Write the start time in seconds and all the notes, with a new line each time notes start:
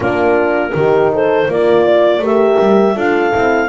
0.00 A#3 D4 F4 A#4
0.73 D#3 D#4 G4
1.13 A4 C5
1.48 A#3 F4 A#4 D5
1.85 D5
2.19 A3 G4 A#4
2.25 E5
2.59 G3
2.95 D4 F4 A4 F5
3.31 C4 E4